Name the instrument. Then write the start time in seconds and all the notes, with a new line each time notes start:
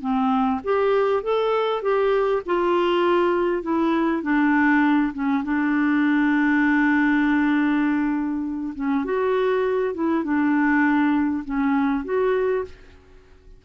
clarinet
0.00 C4
0.63 G4
1.23 A4
1.82 G4
2.45 F4
3.62 E4
4.22 D4
5.13 C#4
5.43 D4
8.75 C#4
9.04 F#4
9.94 E4
10.24 D4
11.44 C#4
12.04 F#4